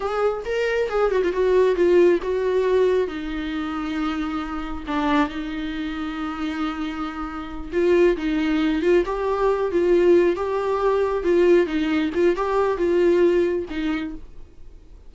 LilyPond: \new Staff \with { instrumentName = "viola" } { \time 4/4 \tempo 4 = 136 gis'4 ais'4 gis'8 fis'16 f'16 fis'4 | f'4 fis'2 dis'4~ | dis'2. d'4 | dis'1~ |
dis'4. f'4 dis'4. | f'8 g'4. f'4. g'8~ | g'4. f'4 dis'4 f'8 | g'4 f'2 dis'4 | }